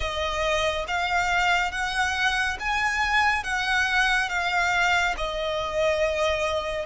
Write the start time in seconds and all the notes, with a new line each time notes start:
0.00 D#5
0.87 F5
1.71 F#5
2.59 G#5
3.43 F#5
4.29 F5
5.17 D#5